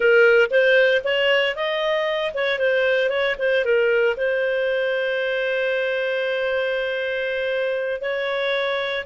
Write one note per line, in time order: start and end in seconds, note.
0.00 0.49 A#4
0.50 1.02 C5
1.04 1.55 C#5
1.55 2.33 D#5
2.34 2.58 C#5
2.58 3.09 C5
3.09 3.35 C#5
3.38 3.64 C5
3.64 4.16 A#4
4.16 8.01 C5
8.01 9.04 C#5